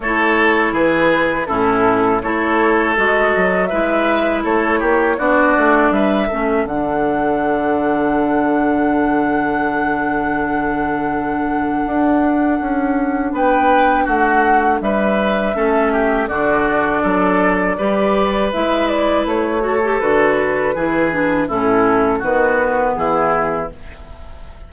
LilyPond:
<<
  \new Staff \with { instrumentName = "flute" } { \time 4/4 \tempo 4 = 81 cis''4 b'4 a'4 cis''4 | dis''4 e''4 cis''4 d''4 | e''4 fis''2.~ | fis''1~ |
fis''2 g''4 fis''4 | e''2 d''2~ | d''4 e''8 d''8 cis''4 b'4~ | b'4 a'4 b'4 gis'4 | }
  \new Staff \with { instrumentName = "oboe" } { \time 4/4 a'4 gis'4 e'4 a'4~ | a'4 b'4 a'8 g'8 fis'4 | b'8 a'2.~ a'8~ | a'1~ |
a'2 b'4 fis'4 | b'4 a'8 g'8 fis'4 a'4 | b'2~ b'8 a'4. | gis'4 e'4 fis'4 e'4 | }
  \new Staff \with { instrumentName = "clarinet" } { \time 4/4 e'2 cis'4 e'4 | fis'4 e'2 d'4~ | d'8 cis'8 d'2.~ | d'1~ |
d'1~ | d'4 cis'4 d'2 | g'4 e'4. fis'16 g'16 fis'4 | e'8 d'8 cis'4 b2 | }
  \new Staff \with { instrumentName = "bassoon" } { \time 4/4 a4 e4 a,4 a4 | gis8 fis8 gis4 a8 ais8 b8 a8 | g8 a8 d2.~ | d1 |
d'4 cis'4 b4 a4 | g4 a4 d4 fis4 | g4 gis4 a4 d4 | e4 a,4 dis4 e4 | }
>>